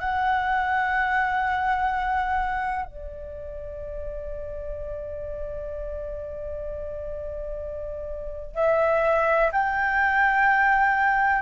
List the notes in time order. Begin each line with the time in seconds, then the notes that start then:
0.00 F#5
2.86 D5
8.55 E5
9.52 G5